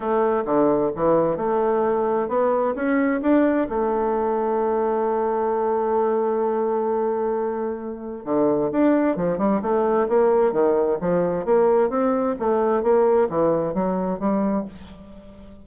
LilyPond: \new Staff \with { instrumentName = "bassoon" } { \time 4/4 \tempo 4 = 131 a4 d4 e4 a4~ | a4 b4 cis'4 d'4 | a1~ | a1~ |
a2 d4 d'4 | f8 g8 a4 ais4 dis4 | f4 ais4 c'4 a4 | ais4 e4 fis4 g4 | }